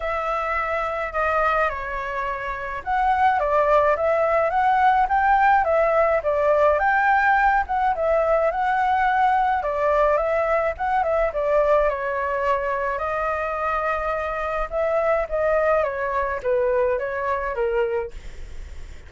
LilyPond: \new Staff \with { instrumentName = "flute" } { \time 4/4 \tempo 4 = 106 e''2 dis''4 cis''4~ | cis''4 fis''4 d''4 e''4 | fis''4 g''4 e''4 d''4 | g''4. fis''8 e''4 fis''4~ |
fis''4 d''4 e''4 fis''8 e''8 | d''4 cis''2 dis''4~ | dis''2 e''4 dis''4 | cis''4 b'4 cis''4 ais'4 | }